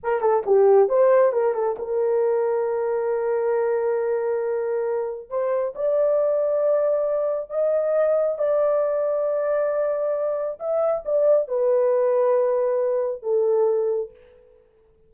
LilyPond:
\new Staff \with { instrumentName = "horn" } { \time 4/4 \tempo 4 = 136 ais'8 a'8 g'4 c''4 ais'8 a'8 | ais'1~ | ais'1 | c''4 d''2.~ |
d''4 dis''2 d''4~ | d''1 | e''4 d''4 b'2~ | b'2 a'2 | }